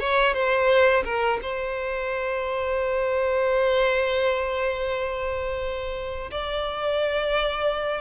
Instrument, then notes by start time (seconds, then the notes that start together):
violin
0.00 C#5
0.34 C5
1.04 A#4
1.42 C5
6.31 D5